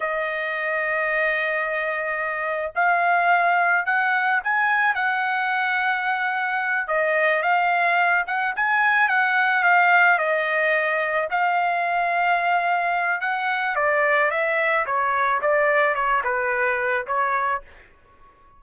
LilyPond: \new Staff \with { instrumentName = "trumpet" } { \time 4/4 \tempo 4 = 109 dis''1~ | dis''4 f''2 fis''4 | gis''4 fis''2.~ | fis''8 dis''4 f''4. fis''8 gis''8~ |
gis''8 fis''4 f''4 dis''4.~ | dis''8 f''2.~ f''8 | fis''4 d''4 e''4 cis''4 | d''4 cis''8 b'4. cis''4 | }